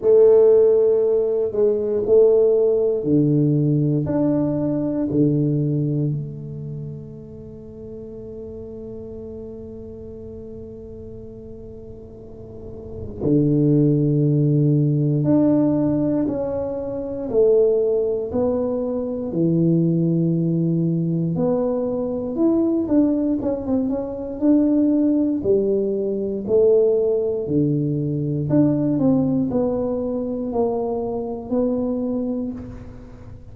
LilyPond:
\new Staff \with { instrumentName = "tuba" } { \time 4/4 \tempo 4 = 59 a4. gis8 a4 d4 | d'4 d4 a2~ | a1~ | a4 d2 d'4 |
cis'4 a4 b4 e4~ | e4 b4 e'8 d'8 cis'16 c'16 cis'8 | d'4 g4 a4 d4 | d'8 c'8 b4 ais4 b4 | }